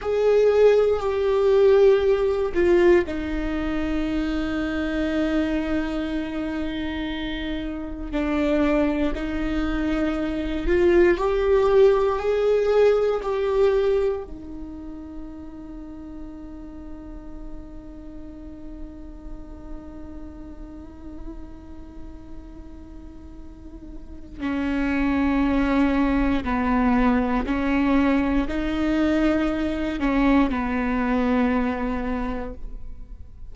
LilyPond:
\new Staff \with { instrumentName = "viola" } { \time 4/4 \tempo 4 = 59 gis'4 g'4. f'8 dis'4~ | dis'1 | d'4 dis'4. f'8 g'4 | gis'4 g'4 dis'2~ |
dis'1~ | dis'1 | cis'2 b4 cis'4 | dis'4. cis'8 b2 | }